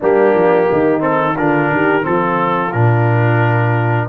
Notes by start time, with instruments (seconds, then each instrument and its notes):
0.00 tuba G3, trombone A#3, horn D4, trumpet G4
0.34 tuba F3
0.69 tuba D#3, horn D#4
0.99 trombone C4, trumpet A4
1.36 tuba D3, trombone D4, horn F4, trumpet A#4
1.71 tuba D#3, horn G4
2.02 tuba F3, trombone C4, horn F4, trumpet A4
2.72 tuba A#2, trombone D4, trumpet A#4